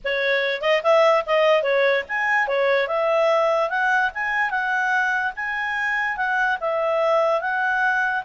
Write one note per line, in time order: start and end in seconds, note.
0.04 0.61 C#5
0.61 0.82 D#5
0.83 1.24 E5
1.26 1.62 D#5
1.62 2.03 C#5
2.08 2.47 G#5
2.47 2.87 C#5
2.87 3.69 E5
3.69 4.10 F#5
4.14 4.50 G#5
4.50 5.32 F#5
5.35 6.16 G#5
6.16 6.58 F#5
6.60 7.40 E5
7.40 8.23 F#5